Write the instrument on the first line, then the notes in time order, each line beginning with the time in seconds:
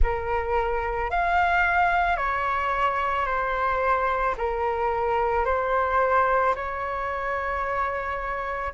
flute
0.02 A#4
1.10 F5
2.17 C#5
3.25 C5
4.37 A#4
5.45 C5
6.55 C#5